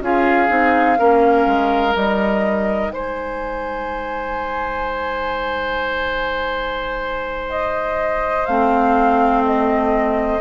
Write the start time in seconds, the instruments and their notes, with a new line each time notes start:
0.00 bassoon C#4, clarinet F4, oboe G#4, flute F5
0.48 bassoon C4, clarinet D#4
0.98 bassoon A#3, clarinet C#4, oboe A#4
1.46 bassoon G#3
1.92 bassoon G3, clarinet D#4, flute D#5
2.90 bassoon G#3, oboe C5, flute G#5
7.49 flute D#5
8.46 bassoon A3, clarinet C4, flute F5
9.46 flute D#5